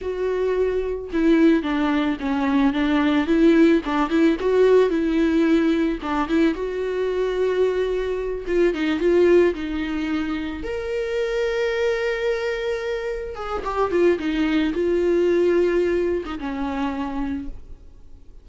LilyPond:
\new Staff \with { instrumentName = "viola" } { \time 4/4 \tempo 4 = 110 fis'2 e'4 d'4 | cis'4 d'4 e'4 d'8 e'8 | fis'4 e'2 d'8 e'8 | fis'2.~ fis'8 f'8 |
dis'8 f'4 dis'2 ais'8~ | ais'1~ | ais'8 gis'8 g'8 f'8 dis'4 f'4~ | f'4.~ f'16 dis'16 cis'2 | }